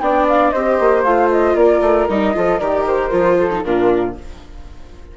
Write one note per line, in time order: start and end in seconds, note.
0.00 0.53 B3
0.00 0.54 D4
0.00 0.52 D5
0.00 0.26 G5
0.29 0.50 F5
0.50 0.80 C4
0.50 1.06 G4
0.50 1.56 C5
0.50 1.02 D#5
0.80 1.04 A#3
1.03 1.55 A3
1.03 2.09 F4
1.03 1.29 F5
1.31 1.56 D#5
1.55 1.80 A#3
1.55 2.35 A#4
1.55 2.08 D5
1.81 2.07 A3
2.09 2.34 G3
2.09 2.34 D#4
2.09 2.59 D#5
2.34 2.60 F3
2.34 2.59 F4
2.34 2.59 A4
2.59 3.12 D#3
2.59 3.11 G4
2.59 3.37 A#4
2.59 2.85 D5
2.87 3.64 C5
3.11 3.64 F3
3.11 3.50 F4
3.39 3.65 A4
3.51 3.64 D#4
3.64 4.17 A#2
3.64 4.17 D4
3.64 4.16 F4
3.64 4.15 A#4